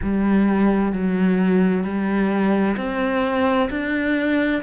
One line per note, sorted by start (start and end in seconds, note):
0.02 0.92 G3
0.92 1.83 F#3
1.83 2.76 G3
2.77 3.69 C4
3.70 4.62 D4